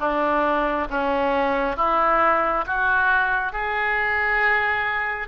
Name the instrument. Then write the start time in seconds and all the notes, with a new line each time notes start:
oboe
0.00 D4
0.90 C#4
1.77 E4
2.67 F#4
3.53 G#4